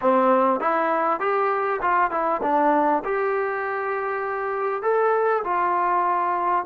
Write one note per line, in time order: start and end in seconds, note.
0.01 0.60 C4
0.60 1.20 E4
1.20 1.80 G4
1.81 2.10 F4
2.10 2.41 E4
2.42 3.03 D4
3.04 4.82 G4
4.82 5.43 A4
5.44 6.65 F4